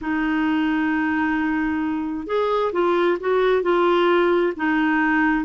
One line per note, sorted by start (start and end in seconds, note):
0.01 2.26 D#4
2.26 2.72 G#4
2.72 3.18 F4
3.19 3.62 F#4
3.62 4.53 F4
4.56 5.44 D#4